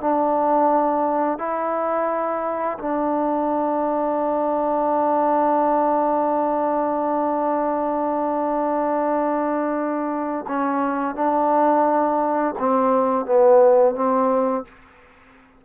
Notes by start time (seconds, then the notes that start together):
0.00 D4
1.38 E4
2.78 D4
10.48 C#4
11.15 D4
12.59 C4
13.25 B3
13.95 C4